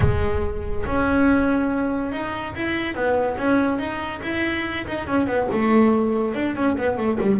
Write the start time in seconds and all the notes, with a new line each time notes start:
0.00 G#3
0.86 C#4
2.12 D#4
2.55 E4
2.94 B3
3.37 C#4
3.78 D#4
4.22 E4
4.87 D#4
5.07 C#4
5.26 B3
5.52 A3
6.34 D4
6.55 C#4
6.77 B3
6.97 A3
7.20 G3